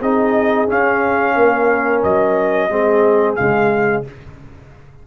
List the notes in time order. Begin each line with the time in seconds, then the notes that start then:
0.00 C4 D#4 G#4 D#5
0.68 C#4 F5
1.36 A#3 A#4
2.04 F#3 D#5
2.70 G#3 C4 G#4
3.36 C#3 G#3 F5